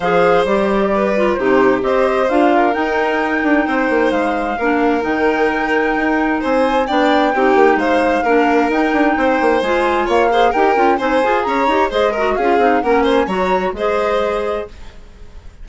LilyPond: <<
  \new Staff \with { instrumentName = "flute" } { \time 4/4 \tempo 4 = 131 f''4 d''2 c''4 | dis''4 f''4 g''2~ | g''4 f''2 g''4~ | g''2 gis''4 g''4~ |
g''4 f''2 g''4~ | g''4 gis''4 f''4 g''4 | gis''4 ais''4 dis''4 f''4 | fis''8 gis''8 ais''4 dis''2 | }
  \new Staff \with { instrumentName = "violin" } { \time 4/4 c''2 b'4 g'4 | c''4. ais'2~ ais'8 | c''2 ais'2~ | ais'2 c''4 d''4 |
g'4 c''4 ais'2 | c''2 cis''8 c''8 ais'4 | c''4 cis''4 c''8 ais'8 gis'4 | ais'8 c''8 cis''4 c''2 | }
  \new Staff \with { instrumentName = "clarinet" } { \time 4/4 gis'4 g'4. f'8 dis'4 | g'4 f'4 dis'2~ | dis'2 d'4 dis'4~ | dis'2. d'4 |
dis'2 d'4 dis'4~ | dis'4 f'4. gis'8 g'8 f'8 | dis'8 gis'4 g'8 gis'8 fis'8 f'8 dis'8 | cis'4 fis'4 gis'2 | }
  \new Staff \with { instrumentName = "bassoon" } { \time 4/4 f4 g2 c4 | c'4 d'4 dis'4. d'8 | c'8 ais8 gis4 ais4 dis4~ | dis4 dis'4 c'4 b4 |
c'8 ais8 gis4 ais4 dis'8 d'8 | c'8 ais8 gis4 ais4 dis'8 cis'8 | c'8 f'8 cis'8 dis'8 gis4 cis'8 c'8 | ais4 fis4 gis2 | }
>>